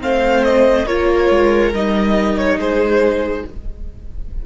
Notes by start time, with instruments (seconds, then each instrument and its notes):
0.00 cello A3, viola C4, violin C5 F5
0.44 violin D#5
0.87 cello A#3, viola F4, violin A#4 C#5
1.30 cello G#3
1.73 cello G3, viola D#4, violin D#5
2.38 violin C#5
2.58 cello G#3, violin G#4 C5